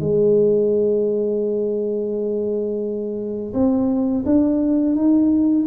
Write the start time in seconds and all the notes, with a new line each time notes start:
0.00 G#3
3.54 C4
4.25 D4
4.95 D#4